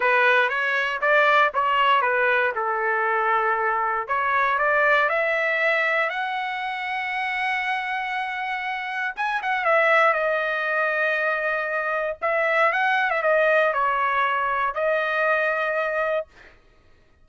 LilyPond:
\new Staff \with { instrumentName = "trumpet" } { \time 4/4 \tempo 4 = 118 b'4 cis''4 d''4 cis''4 | b'4 a'2. | cis''4 d''4 e''2 | fis''1~ |
fis''2 gis''8 fis''8 e''4 | dis''1 | e''4 fis''8. e''16 dis''4 cis''4~ | cis''4 dis''2. | }